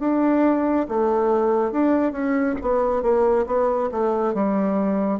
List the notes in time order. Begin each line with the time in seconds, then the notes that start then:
0.00 D4
0.89 A3
1.72 D4
2.12 C#4
2.62 B3
3.03 A#3
3.47 B3
3.92 A3
4.34 G3